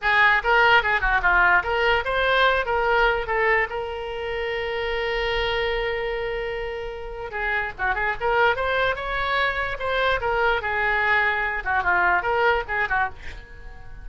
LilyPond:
\new Staff \with { instrumentName = "oboe" } { \time 4/4 \tempo 4 = 147 gis'4 ais'4 gis'8 fis'8 f'4 | ais'4 c''4. ais'4. | a'4 ais'2.~ | ais'1~ |
ais'2 gis'4 fis'8 gis'8 | ais'4 c''4 cis''2 | c''4 ais'4 gis'2~ | gis'8 fis'8 f'4 ais'4 gis'8 fis'8 | }